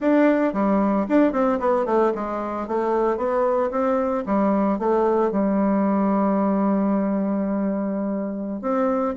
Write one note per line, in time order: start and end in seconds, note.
0.00 0.53 D4
0.53 1.06 G3
1.08 1.32 D4
1.32 1.58 C4
1.59 1.85 B3
1.85 2.12 A3
2.14 2.67 G#3
2.67 3.17 A3
3.17 3.70 B3
3.70 4.24 C4
4.26 4.78 G3
4.78 5.31 A3
5.31 8.61 G3
8.61 9.14 C4